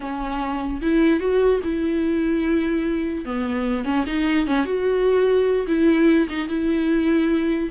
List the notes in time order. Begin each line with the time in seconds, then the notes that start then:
0.00 C#4
0.81 E4
1.20 F#4
1.63 E4
3.25 B3
3.84 C#4
4.06 D#4
4.46 C#4
4.65 F#4
5.67 E4
6.29 D#4
6.48 E4